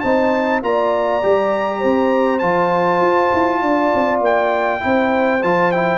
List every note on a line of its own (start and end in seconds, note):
0.00 0.62 C4
0.00 0.63 D#4
0.00 0.63 C5
0.00 0.60 A5
0.62 1.22 A#3
0.62 1.23 F4
0.62 1.79 D5
0.62 2.39 A#5
1.23 1.84 G3
1.23 2.41 G4
1.79 2.42 C4
1.79 3.59 C5
2.39 3.01 F3
2.39 4.80 F4
2.39 4.19 A5
3.01 3.31 F4
3.34 3.62 E4
3.62 3.92 D4
3.62 4.83 D5
3.94 4.21 C4
4.21 4.80 A#3
4.21 5.43 G5
4.80 5.43 C4
4.80 5.40 E4
4.80 5.98 C5
5.43 5.98 F3
5.43 5.73 F4
5.43 5.72 A5
5.72 5.98 E4
5.72 5.98 G5